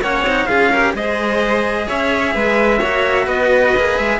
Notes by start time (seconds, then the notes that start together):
0.00 A#3 C#4 C#5 F#5
0.21 C4
0.27 D#4
0.46 C#4 F4 G#4 F5
0.71 G4 A#4
0.93 G#3 G#4 C5 D#5
1.87 C#4 C#5 E5
2.34 G#3 B4
2.78 A#3 F#4 C#5
3.25 B3 B4 D#5
3.76 A#3 G#4
3.98 G#3 E5